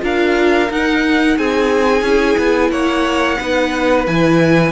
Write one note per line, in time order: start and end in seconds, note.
0.00 0.70 D4
0.00 0.67 F4
0.00 1.38 A#4
0.00 0.72 F5
0.70 2.05 D#4
0.70 1.38 D#4
0.70 1.38 F#5
1.38 2.02 C4
1.38 2.72 G#4
1.38 2.71 G#5
2.02 2.36 C#4
2.02 3.39 E4
2.39 2.71 B3
2.71 3.38 A#3
2.71 3.38 C#5
2.71 4.06 F#5
3.38 4.07 B3
3.38 4.07 D#4
3.38 4.72 B4
4.07 4.72 E3
4.07 4.72 E4
4.07 4.72 G#5